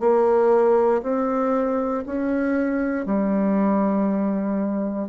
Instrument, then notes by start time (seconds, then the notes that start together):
bassoon
0.00 A#3
1.03 C4
2.06 C#4
3.06 G3